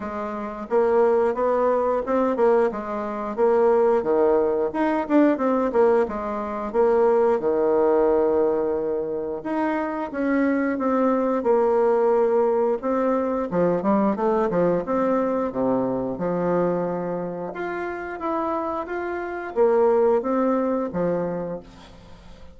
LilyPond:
\new Staff \with { instrumentName = "bassoon" } { \time 4/4 \tempo 4 = 89 gis4 ais4 b4 c'8 ais8 | gis4 ais4 dis4 dis'8 d'8 | c'8 ais8 gis4 ais4 dis4~ | dis2 dis'4 cis'4 |
c'4 ais2 c'4 | f8 g8 a8 f8 c'4 c4 | f2 f'4 e'4 | f'4 ais4 c'4 f4 | }